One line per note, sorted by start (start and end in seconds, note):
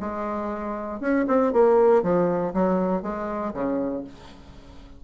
0.00 1.01 G#3
1.01 1.26 C#4
1.27 1.53 C4
1.53 2.03 A#3
2.03 2.53 F3
2.54 3.03 F#3
3.03 3.53 G#3
3.54 4.04 C#3